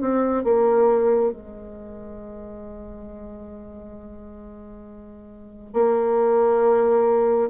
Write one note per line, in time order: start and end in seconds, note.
0.00 0.44 C4
0.44 1.32 A#3
1.32 5.73 G#3
5.73 7.50 A#3